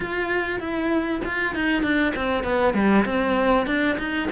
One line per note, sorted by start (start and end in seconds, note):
0.00 0.60 F4
0.60 1.21 E4
1.24 1.54 F4
1.54 1.82 D#4
1.82 2.13 D4
2.15 2.43 C4
2.43 2.74 B3
2.74 3.04 G3
3.05 3.66 C4
3.66 3.97 D4
3.98 4.29 D#4